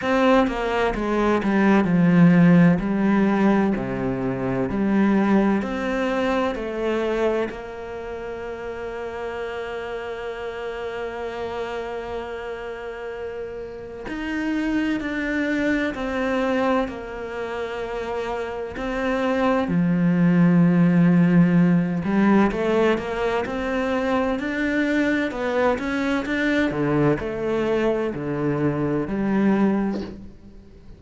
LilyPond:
\new Staff \with { instrumentName = "cello" } { \time 4/4 \tempo 4 = 64 c'8 ais8 gis8 g8 f4 g4 | c4 g4 c'4 a4 | ais1~ | ais2. dis'4 |
d'4 c'4 ais2 | c'4 f2~ f8 g8 | a8 ais8 c'4 d'4 b8 cis'8 | d'8 d8 a4 d4 g4 | }